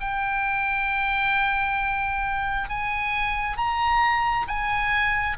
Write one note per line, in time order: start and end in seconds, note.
0.00 2.69 G5
2.69 3.57 G#5
3.57 4.47 A#5
4.47 5.37 G#5